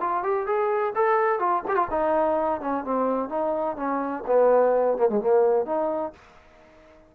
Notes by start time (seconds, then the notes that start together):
0.00 F4
0.23 G4
0.46 G#4
0.95 A4
1.39 F4
1.68 G4
1.75 F4
1.90 D#4
2.61 C#4
2.84 C4
3.29 D#4
3.76 C#4
4.27 B3
4.97 A#3
5.09 G#3
5.20 A#3
5.65 D#4